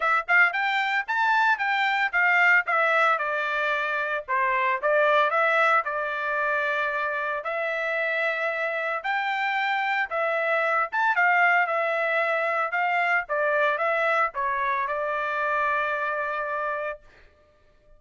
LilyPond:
\new Staff \with { instrumentName = "trumpet" } { \time 4/4 \tempo 4 = 113 e''8 f''8 g''4 a''4 g''4 | f''4 e''4 d''2 | c''4 d''4 e''4 d''4~ | d''2 e''2~ |
e''4 g''2 e''4~ | e''8 a''8 f''4 e''2 | f''4 d''4 e''4 cis''4 | d''1 | }